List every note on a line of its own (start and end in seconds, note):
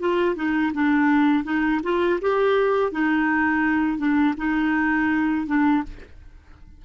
0.00 0.36 F4
0.36 0.72 D#4
0.74 1.44 D4
1.44 1.81 D#4
1.83 2.20 F4
2.22 2.92 G4
2.92 3.98 D#4
3.98 4.35 D4
4.38 5.47 D#4
5.47 5.83 D4